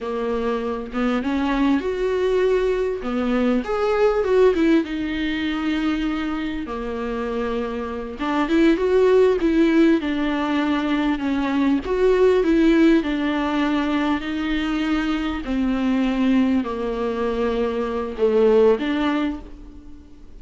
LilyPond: \new Staff \with { instrumentName = "viola" } { \time 4/4 \tempo 4 = 99 ais4. b8 cis'4 fis'4~ | fis'4 b4 gis'4 fis'8 e'8 | dis'2. ais4~ | ais4. d'8 e'8 fis'4 e'8~ |
e'8 d'2 cis'4 fis'8~ | fis'8 e'4 d'2 dis'8~ | dis'4. c'2 ais8~ | ais2 a4 d'4 | }